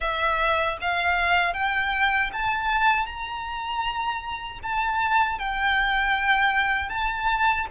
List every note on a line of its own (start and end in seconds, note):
0.00 0.77 E5
0.81 1.53 F5
1.53 2.30 G5
2.33 3.06 A5
3.06 4.59 A#5
4.62 5.38 A5
5.38 6.89 G5
6.89 7.66 A5